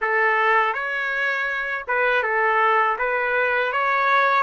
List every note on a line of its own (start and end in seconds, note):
0.01 0.73 A4
0.73 1.85 C#5
1.87 2.23 B4
2.23 2.97 A4
2.98 3.72 B4
3.72 4.43 C#5